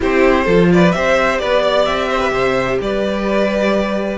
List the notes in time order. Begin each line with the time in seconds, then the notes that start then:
0.00 C4 E4 G4 C5
0.44 F3 F4 A4
0.72 B4 D5
0.92 C4 G4 C5 E5
1.38 B3 B4 D5
1.62 D5
1.85 C4 E5
2.10 C5
2.19 B4
2.31 C3 C5
2.81 G3 B4 D5